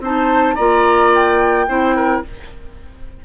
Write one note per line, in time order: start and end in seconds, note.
0.00 0.55 C4
0.00 0.58 D#4
0.00 0.55 C5
0.00 0.56 A5
0.55 1.68 A#3
0.55 1.68 F4
0.55 1.65 D5
0.55 1.11 A#5
1.15 2.25 G5
1.68 2.23 C4
1.68 2.23 E4
1.68 1.96 C5
1.96 2.23 A#4